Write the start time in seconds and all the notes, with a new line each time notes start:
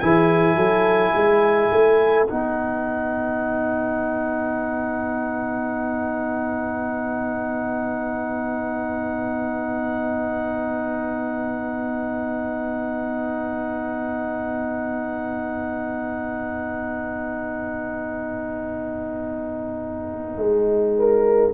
0.00 E3 E4 G#4 G#5
0.56 F#3 A4
1.15 G#3 B4
1.72 A3
2.27 B3 D#4 F#5
20.37 G#3
20.99 A#4